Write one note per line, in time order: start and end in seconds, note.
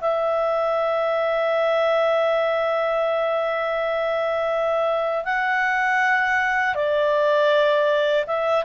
0.00 5.24 E5
5.24 6.74 F#5
6.74 8.24 D5
8.26 8.64 E5